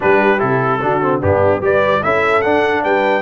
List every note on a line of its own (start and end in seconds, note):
0.00 0.42 G3
0.00 0.38 D4
0.00 0.81 G4
0.00 0.39 B4
0.38 0.81 C3
0.38 0.79 E4
0.38 1.20 A4
0.81 1.22 D3
0.81 1.01 D4
0.81 1.21 F#4
1.01 1.21 C4
1.21 1.60 G2
1.21 1.61 B3
1.21 1.61 D4
1.21 1.62 G4
1.60 2.01 G3
1.60 2.01 G4
1.60 2.03 B4
1.60 2.03 D5
2.03 2.43 C#4
2.03 2.43 E4
2.03 2.83 A4
2.03 2.41 E5
2.41 2.84 D4
2.41 3.22 D4
2.41 2.82 F#5
2.83 3.22 G3
2.83 3.22 B4
2.83 3.22 G5